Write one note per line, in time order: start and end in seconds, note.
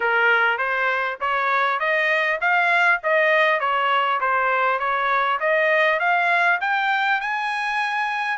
0.00 0.58 A#4
0.58 1.18 C5
1.20 1.79 C#5
1.79 2.39 D#5
2.41 3.01 F5
3.03 3.60 D#5
3.60 4.20 C#5
4.20 4.79 C5
4.79 5.39 C#5
5.40 5.99 D#5
5.99 6.59 F5
6.61 7.20 G5
7.20 8.37 G#5